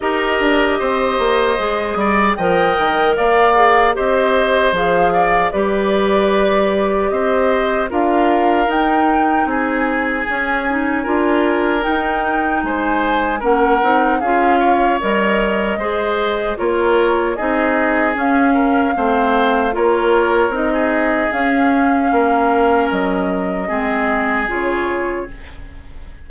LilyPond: <<
  \new Staff \with { instrumentName = "flute" } { \time 4/4 \tempo 4 = 76 dis''2. g''4 | f''4 dis''4 f''4 d''4~ | d''4 dis''4 f''4 g''4 | gis''2. g''4 |
gis''4 fis''4 f''4 dis''4~ | dis''4 cis''4 dis''4 f''4~ | f''4 cis''4 dis''4 f''4~ | f''4 dis''2 cis''4 | }
  \new Staff \with { instrumentName = "oboe" } { \time 4/4 ais'4 c''4. d''8 dis''4 | d''4 c''4. d''8 b'4~ | b'4 c''4 ais'2 | gis'2 ais'2 |
c''4 ais'4 gis'8 cis''4. | c''4 ais'4 gis'4. ais'8 | c''4 ais'4~ ais'16 gis'4.~ gis'16 | ais'2 gis'2 | }
  \new Staff \with { instrumentName = "clarinet" } { \time 4/4 g'2 gis'4 ais'4~ | ais'8 gis'8 g'4 gis'4 g'4~ | g'2 f'4 dis'4~ | dis'4 cis'8 dis'8 f'4 dis'4~ |
dis'4 cis'8 dis'8 f'4 ais'4 | gis'4 f'4 dis'4 cis'4 | c'4 f'4 dis'4 cis'4~ | cis'2 c'4 f'4 | }
  \new Staff \with { instrumentName = "bassoon" } { \time 4/4 dis'8 d'8 c'8 ais8 gis8 g8 f8 dis8 | ais4 c'4 f4 g4~ | g4 c'4 d'4 dis'4 | c'4 cis'4 d'4 dis'4 |
gis4 ais8 c'8 cis'4 g4 | gis4 ais4 c'4 cis'4 | a4 ais4 c'4 cis'4 | ais4 fis4 gis4 cis4 | }
>>